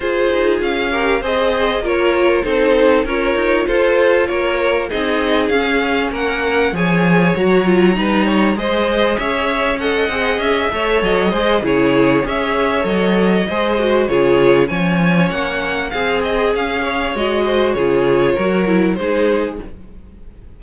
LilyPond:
<<
  \new Staff \with { instrumentName = "violin" } { \time 4/4 \tempo 4 = 98 c''4 f''4 dis''4 cis''4 | c''4 cis''4 c''4 cis''4 | dis''4 f''4 fis''4 gis''4 | ais''2 dis''4 e''4 |
fis''4 e''4 dis''4 cis''4 | e''4 dis''2 cis''4 | gis''4 fis''4 f''8 dis''8 f''4 | dis''4 cis''2 c''4 | }
  \new Staff \with { instrumentName = "violin" } { \time 4/4 gis'4. ais'8 c''4 ais'4 | a'4 ais'4 a'4 ais'4 | gis'2 ais'4 cis''4~ | cis''4 b'8 cis''8 c''4 cis''4 |
dis''4. cis''4 c''8 gis'4 | cis''2 c''4 gis'4 | cis''2 gis'4. cis''8~ | cis''8 c''8 gis'4 ais'4 gis'4 | }
  \new Staff \with { instrumentName = "viola" } { \time 4/4 f'4. g'8 gis'4 f'4 | dis'4 f'2. | dis'4 cis'2 gis'4 | fis'8 f'8 dis'4 gis'2 |
a'8 gis'4 a'4 gis'8 e'4 | gis'4 a'4 gis'8 fis'8 f'4 | cis'2 gis'2 | fis'4 f'4 fis'8 e'8 dis'4 | }
  \new Staff \with { instrumentName = "cello" } { \time 4/4 f'8 dis'8 cis'4 c'4 ais4 | c'4 cis'8 dis'8 f'4 ais4 | c'4 cis'4 ais4 f4 | fis4 g4 gis4 cis'4~ |
cis'8 c'8 cis'8 a8 fis8 gis8 cis4 | cis'4 fis4 gis4 cis4 | f4 ais4 c'4 cis'4 | gis4 cis4 fis4 gis4 | }
>>